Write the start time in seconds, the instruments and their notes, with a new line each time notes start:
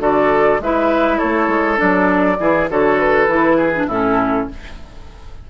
0.00 bassoon D3, clarinet F#4, oboe A4, flute D5
0.60 bassoon G#3, clarinet E4, oboe B4, flute E5
1.18 bassoon A3, oboe A4, flute C#5
1.48 bassoon G#3
1.77 bassoon F#3, clarinet D4, flute D5
2.40 bassoon E3, clarinet E4, oboe G#4
2.70 bassoon D3, clarinet F#4, oboe A4, flute C#5
2.99 flute B4
3.28 bassoon E3, clarinet E4
3.57 oboe G#4
3.75 clarinet D4
3.88 bassoon A2, clarinet C#4, oboe E4, flute A4